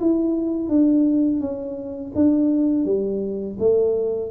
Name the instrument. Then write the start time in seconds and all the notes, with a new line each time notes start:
tuba
0.00 E4
0.69 D4
1.40 C#4
2.15 D4
2.85 G3
3.59 A3